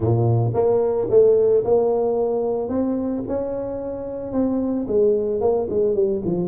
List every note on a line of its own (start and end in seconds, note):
0.00 0.53 A#2
0.54 1.08 A#3
1.10 1.64 A3
1.64 2.68 A#3
2.68 3.22 C4
3.28 4.32 C#4
4.32 4.86 C4
4.87 5.40 G#3
5.40 5.67 A#3
5.69 5.94 G#3
5.94 6.21 G3
6.24 6.47 F3